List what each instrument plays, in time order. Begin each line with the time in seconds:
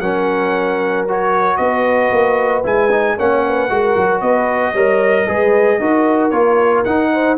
0.00 tuba F#3, trombone C#4, horn A#4, trumpet F#5
1.08 trombone F#4, trumpet C#5
1.57 tuba B3, horn B4, trumpet D#5
2.11 tuba A#3
2.63 tuba G#3, trombone E4, trumpet G#5
2.91 trombone D#4
3.17 tuba A#3, trombone C#4, horn C#5, trumpet F#5
3.45 horn B4
3.69 tuba G#3, trombone F#4, horn A#4
3.96 tuba F#3
4.21 tuba B3, horn B4, trumpet D#5
4.72 tuba G3, trombone A#4, horn C#5
5.27 tuba G#3, trombone G#4, horn B4
5.80 tuba D#4, trombone F#4, horn A#4
6.30 tuba A#3, trombone F4, trumpet C#5
6.84 trombone D#4, tuba D#4, trumpet F#5
7.13 horn C5